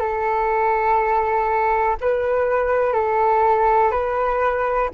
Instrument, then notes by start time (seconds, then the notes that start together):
flute
0.00 A4
2.01 B4
2.94 A4
3.92 B4